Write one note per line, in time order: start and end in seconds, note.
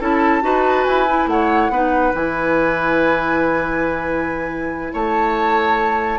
0.00 0.43 C#4
0.00 0.42 E4
0.00 0.43 A4
0.00 0.84 A5
0.42 0.86 D#4
0.42 1.06 F#4
0.42 1.30 B4
0.84 1.26 E4
0.84 1.27 G#5
1.08 1.72 E4
1.26 1.69 A3
1.26 1.71 C#5
1.26 2.14 F#5
1.69 2.12 B3
1.69 2.13 D#4
1.69 4.93 B4
2.13 4.93 E3
2.13 6.19 E4
2.13 4.93 G#5
4.93 6.19 A3
4.93 6.19 C#5
4.93 6.19 A5